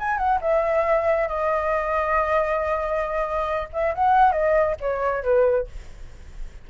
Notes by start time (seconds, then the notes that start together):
0.00 G#5
0.18 F#5
0.42 E5
1.28 D#5
3.73 E5
3.95 F#5
4.33 D#5
4.81 C#5
5.24 B4